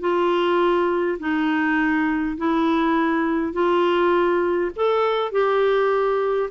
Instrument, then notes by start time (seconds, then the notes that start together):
clarinet
0.00 F4
1.19 D#4
2.37 E4
3.53 F4
4.75 A4
5.32 G4